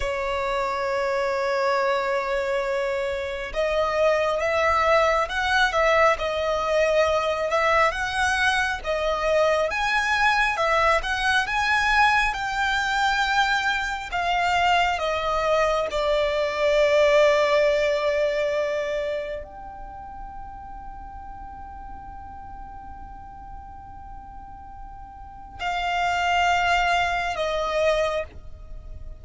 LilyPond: \new Staff \with { instrumentName = "violin" } { \time 4/4 \tempo 4 = 68 cis''1 | dis''4 e''4 fis''8 e''8 dis''4~ | dis''8 e''8 fis''4 dis''4 gis''4 | e''8 fis''8 gis''4 g''2 |
f''4 dis''4 d''2~ | d''2 g''2~ | g''1~ | g''4 f''2 dis''4 | }